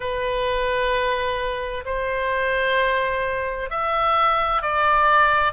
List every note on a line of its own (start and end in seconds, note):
0.00 1.84 B4
1.85 3.70 C5
3.70 4.62 E5
4.62 5.53 D5